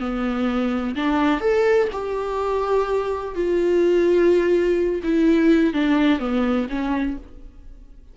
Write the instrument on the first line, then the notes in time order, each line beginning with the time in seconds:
viola
0.00 B3
0.96 D4
1.41 A4
1.92 G4
3.35 F4
5.03 E4
5.74 D4
6.19 B3
6.69 C#4